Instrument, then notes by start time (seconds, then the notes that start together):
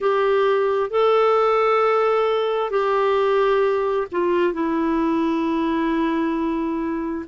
clarinet
0.00 G4
0.90 A4
2.70 G4
4.11 F4
4.52 E4